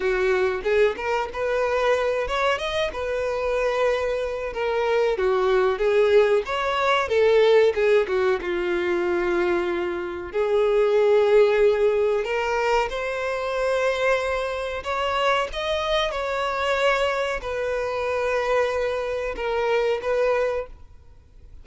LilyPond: \new Staff \with { instrumentName = "violin" } { \time 4/4 \tempo 4 = 93 fis'4 gis'8 ais'8 b'4. cis''8 | dis''8 b'2~ b'8 ais'4 | fis'4 gis'4 cis''4 a'4 | gis'8 fis'8 f'2. |
gis'2. ais'4 | c''2. cis''4 | dis''4 cis''2 b'4~ | b'2 ais'4 b'4 | }